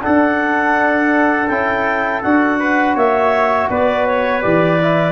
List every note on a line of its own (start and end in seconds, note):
0.00 1.46 D4
0.00 2.59 A4
0.00 1.47 F#5
0.06 1.49 D4
1.47 2.22 C#4
1.47 2.23 E4
1.47 2.20 G5
2.22 2.95 D4
2.22 4.42 F#4
2.22 2.95 F#5
2.59 2.95 B4
2.95 3.68 A#3
2.95 3.68 C#5
2.95 3.69 E5
3.69 4.42 B3
3.69 5.12 B4
3.69 4.06 D5
4.06 4.42 C#5
4.42 5.12 E3
4.42 4.78 G4
4.42 5.12 D5
4.81 5.12 E4